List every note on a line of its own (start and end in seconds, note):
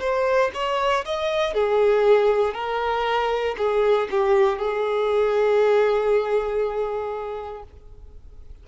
0.00 0.51 C5
0.55 1.05 C#5
1.05 1.54 D#5
1.54 2.54 G#4
2.54 3.56 A#4
3.58 4.09 G#4
4.11 4.59 G4
4.59 7.64 G#4